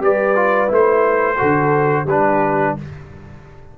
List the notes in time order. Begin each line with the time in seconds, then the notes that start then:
0.00 G3 G4 B4 D5
0.35 F4
0.67 A3 E4 C5
1.37 D3 F#4 A4
2.04 G3 D4 G4 B4